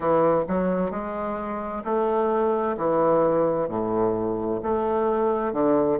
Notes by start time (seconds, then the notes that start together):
0.00 E3
0.48 F#3
0.91 G#3
1.84 A3
2.77 E3
3.68 A2
4.62 A3
5.52 D3